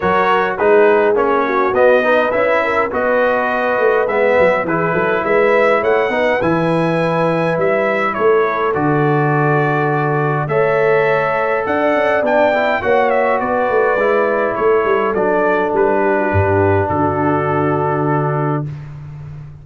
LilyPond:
<<
  \new Staff \with { instrumentName = "trumpet" } { \time 4/4 \tempo 4 = 103 cis''4 b'4 cis''4 dis''4 | e''4 dis''2 e''4 | b'4 e''4 fis''4 gis''4~ | gis''4 e''4 cis''4 d''4~ |
d''2 e''2 | fis''4 g''4 fis''8 e''8 d''4~ | d''4 cis''4 d''4 b'4~ | b'4 a'2. | }
  \new Staff \with { instrumentName = "horn" } { \time 4/4 ais'4 gis'4. fis'4 b'8~ | b'8 ais'8 b'2. | gis'8 a'8 b'4 cis''8 b'4.~ | b'2 a'2~ |
a'2 cis''2 | d''2 cis''4 b'4~ | b'4 a'2~ a'8 g'16 fis'16 | g'4 fis'2. | }
  \new Staff \with { instrumentName = "trombone" } { \time 4/4 fis'4 dis'4 cis'4 b8 dis'8 | e'4 fis'2 b4 | e'2~ e'8 dis'8 e'4~ | e'2. fis'4~ |
fis'2 a'2~ | a'4 d'8 e'8 fis'2 | e'2 d'2~ | d'1 | }
  \new Staff \with { instrumentName = "tuba" } { \time 4/4 fis4 gis4 ais4 b4 | cis'4 b4. a8 gis8 fis8 | e8 fis8 gis4 a8 b8 e4~ | e4 g4 a4 d4~ |
d2 a2 | d'8 cis'8 b4 ais4 b8 a8 | gis4 a8 g8 fis4 g4 | g,4 d2. | }
>>